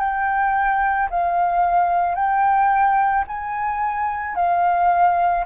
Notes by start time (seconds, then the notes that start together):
0.00 G5
1.11 F5
2.16 G5
3.28 G#5
4.36 F5